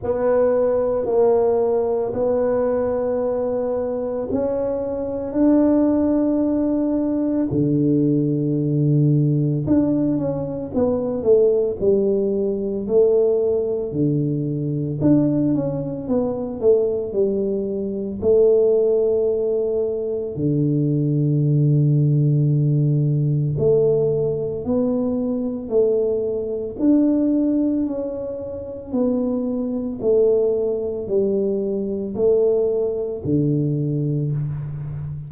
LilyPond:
\new Staff \with { instrumentName = "tuba" } { \time 4/4 \tempo 4 = 56 b4 ais4 b2 | cis'4 d'2 d4~ | d4 d'8 cis'8 b8 a8 g4 | a4 d4 d'8 cis'8 b8 a8 |
g4 a2 d4~ | d2 a4 b4 | a4 d'4 cis'4 b4 | a4 g4 a4 d4 | }